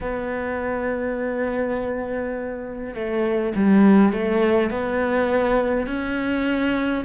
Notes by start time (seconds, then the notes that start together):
0.00 B3
2.94 A3
3.55 G3
4.12 A3
4.70 B3
5.87 C#4